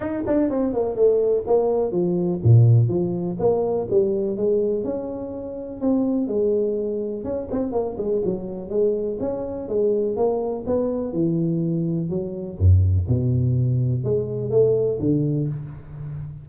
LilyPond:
\new Staff \with { instrumentName = "tuba" } { \time 4/4 \tempo 4 = 124 dis'8 d'8 c'8 ais8 a4 ais4 | f4 ais,4 f4 ais4 | g4 gis4 cis'2 | c'4 gis2 cis'8 c'8 |
ais8 gis8 fis4 gis4 cis'4 | gis4 ais4 b4 e4~ | e4 fis4 fis,4 b,4~ | b,4 gis4 a4 d4 | }